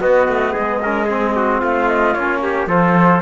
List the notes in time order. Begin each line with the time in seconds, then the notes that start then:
0.00 B3 F#4 D#5
0.28 A3
0.52 G#4
0.58 G#3
0.83 C#4 A#4
1.05 C4 G#4
1.35 F#4
1.60 A3 F4 F5
1.88 D#5
2.14 A#3 C#4 C#5
2.42 G4
2.67 F3 F4 A4 C5